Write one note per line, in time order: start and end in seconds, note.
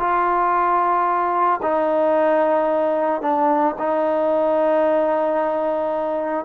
0.00 1.61 F4
1.63 3.22 D#4
3.22 3.75 D4
3.78 6.45 D#4